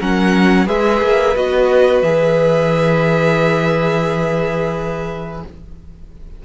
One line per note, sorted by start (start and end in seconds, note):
0.00 0.68 F#3
0.00 0.67 C#4
0.00 0.66 A#4
0.00 0.68 F#5
0.66 1.02 G#3
0.66 1.35 G#4
0.66 5.44 B4
0.66 1.36 E5
1.02 1.36 A#3
1.36 2.02 B3
1.36 2.04 F#4
1.36 2.02 D#5
2.02 5.43 E3
2.02 5.45 G#4
2.02 5.43 E5